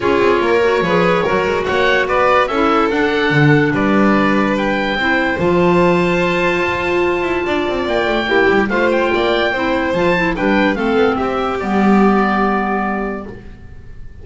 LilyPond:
<<
  \new Staff \with { instrumentName = "oboe" } { \time 4/4 \tempo 4 = 145 cis''1 | fis''4 d''4 e''4 fis''4~ | fis''4 d''2 g''4~ | g''4 a''2.~ |
a''2. g''4~ | g''4 f''8 g''2~ g''8 | a''4 g''4 f''4 e''4 | d''1 | }
  \new Staff \with { instrumentName = "violin" } { \time 4/4 gis'4 ais'4 b'4 ais'4 | cis''4 b'4 a'2~ | a'4 b'2. | c''1~ |
c''2 d''2 | g'4 c''4 d''4 c''4~ | c''4 b'4 a'4 g'4~ | g'1 | }
  \new Staff \with { instrumentName = "clarinet" } { \time 4/4 f'4. fis'8 gis'4 fis'4~ | fis'2 e'4 d'4~ | d'1 | e'4 f'2.~ |
f'1 | e'4 f'2 e'4 | f'8 e'8 d'4 c'2 | b1 | }
  \new Staff \with { instrumentName = "double bass" } { \time 4/4 cis'8 c'8 ais4 f4 fis8 gis8 | ais4 b4 cis'4 d'4 | d4 g2. | c'4 f2. |
f'4. e'8 d'8 c'8 ais8 a8 | ais8 g8 a4 ais4 c'4 | f4 g4 a8 b8 c'4 | g1 | }
>>